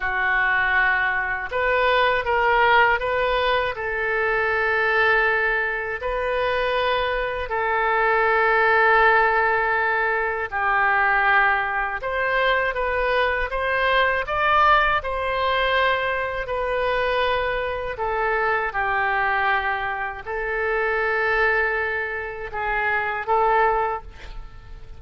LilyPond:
\new Staff \with { instrumentName = "oboe" } { \time 4/4 \tempo 4 = 80 fis'2 b'4 ais'4 | b'4 a'2. | b'2 a'2~ | a'2 g'2 |
c''4 b'4 c''4 d''4 | c''2 b'2 | a'4 g'2 a'4~ | a'2 gis'4 a'4 | }